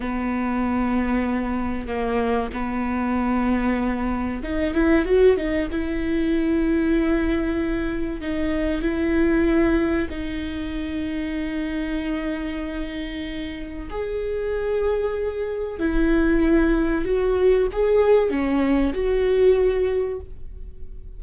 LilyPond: \new Staff \with { instrumentName = "viola" } { \time 4/4 \tempo 4 = 95 b2. ais4 | b2. dis'8 e'8 | fis'8 dis'8 e'2.~ | e'4 dis'4 e'2 |
dis'1~ | dis'2 gis'2~ | gis'4 e'2 fis'4 | gis'4 cis'4 fis'2 | }